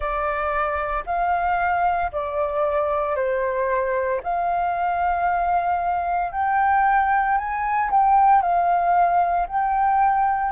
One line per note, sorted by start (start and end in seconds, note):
0.00 1.04 D5
1.06 2.11 F5
2.11 3.15 D5
3.15 4.21 C5
4.23 6.32 F5
6.32 7.37 G5
7.37 7.89 G#5
7.90 8.41 G5
8.41 9.46 F5
9.47 10.52 G5